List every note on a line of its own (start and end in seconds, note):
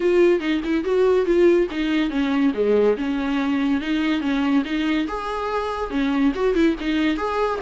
0.00 0.40 F4
0.40 0.61 D#4
0.64 0.84 E4
0.84 1.25 F#4
1.25 1.67 F4
1.71 2.10 D#4
2.10 2.52 C#4
2.54 2.96 G#3
2.97 3.80 C#4
3.80 4.20 D#4
4.20 4.63 C#4
4.64 5.07 D#4
5.07 5.90 G#4
5.90 6.32 C#4
6.34 6.54 F#4
6.54 6.75 E4
6.80 7.17 D#4
7.17 7.59 G#4